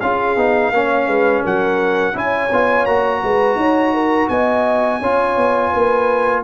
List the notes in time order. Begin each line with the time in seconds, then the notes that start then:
0.00 C#4 F4 G#4 F5
0.36 B3 D#4
0.71 A#3 C#4 C#5
1.07 G#3 B4
1.42 F#3 A#4 F#5
2.13 C#4 E4 C#5 G#5
2.52 B3 F4
2.85 A#3 F#4 A#5
3.23 G#3 B4
3.55 D#4 C#5
3.93 A#4
4.29 B3 D#5 G#5
4.99 C#4 F4 C#5
5.37 B3
5.69 A#3 B4